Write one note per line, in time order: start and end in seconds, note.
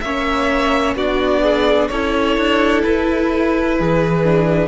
0.00 0.95 A#3
0.00 0.98 C#4
0.00 0.96 C#5
0.00 0.94 E5
0.95 1.88 B3
0.95 1.92 D4
0.95 1.42 F#4
0.95 1.88 D5
1.42 1.89 G#4
1.88 2.37 C#4
1.88 4.24 E4
1.88 3.78 A4
1.88 2.81 C#5
2.37 2.84 D4
2.81 3.79 E4
2.81 4.68 B4
3.78 4.68 E3
3.78 4.68 G#4
4.24 4.68 D4